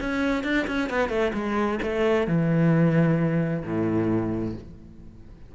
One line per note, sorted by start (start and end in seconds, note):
0.00 0.44 C#4
0.44 0.66 D4
0.67 0.89 C#4
0.89 1.09 B3
1.09 1.32 A3
1.33 1.79 G#3
1.82 2.27 A3
2.27 3.63 E3
3.64 4.55 A2